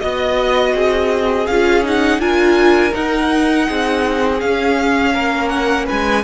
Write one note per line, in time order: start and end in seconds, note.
0.00 0.75 B3
0.00 1.46 F#4
0.00 0.73 D#5
0.00 1.47 D#5
0.75 1.48 C4
0.75 2.21 G#4
1.47 2.19 C#4
1.47 1.84 F4
1.47 1.84 F5
1.84 2.20 D#4
1.84 2.21 F#5
2.19 2.92 D4
2.19 2.92 F4
2.19 3.68 A#4
2.19 2.94 G#5
2.92 4.38 D#4
2.92 3.69 D#4
2.92 4.41 F#5
3.69 4.43 C4
3.69 5.14 G#4
4.41 6.25 C#4
4.41 5.15 C#4
4.41 5.49 F5
5.14 5.88 A#3
5.14 5.86 A#4
5.49 5.86 F#5
5.86 6.25 G#3
5.86 6.23 B4
5.86 6.25 G#5